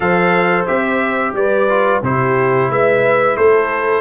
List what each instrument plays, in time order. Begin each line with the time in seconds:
0.00 tuba F3, trombone A4, horn C5, trumpet F5
0.67 tuba C4, trombone G4, trumpet E5
1.32 tuba G3, horn B4, trumpet D5
1.69 trombone F4
2.02 tuba C3, trombone E4, horn G4, trumpet C5
2.69 tuba G#3, horn B4, trumpet E5
3.36 tuba A3, horn A4, trumpet C5